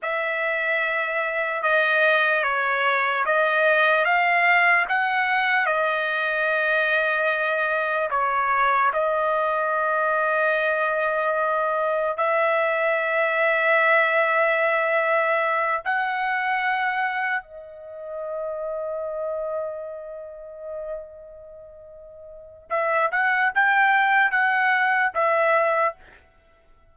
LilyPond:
\new Staff \with { instrumentName = "trumpet" } { \time 4/4 \tempo 4 = 74 e''2 dis''4 cis''4 | dis''4 f''4 fis''4 dis''4~ | dis''2 cis''4 dis''4~ | dis''2. e''4~ |
e''2.~ e''8 fis''8~ | fis''4. dis''2~ dis''8~ | dis''1 | e''8 fis''8 g''4 fis''4 e''4 | }